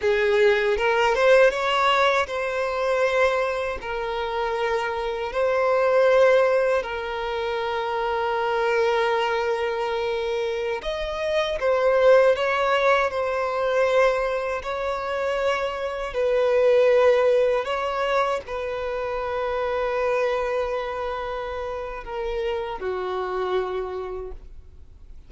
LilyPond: \new Staff \with { instrumentName = "violin" } { \time 4/4 \tempo 4 = 79 gis'4 ais'8 c''8 cis''4 c''4~ | c''4 ais'2 c''4~ | c''4 ais'2.~ | ais'2~ ais'16 dis''4 c''8.~ |
c''16 cis''4 c''2 cis''8.~ | cis''4~ cis''16 b'2 cis''8.~ | cis''16 b'2.~ b'8.~ | b'4 ais'4 fis'2 | }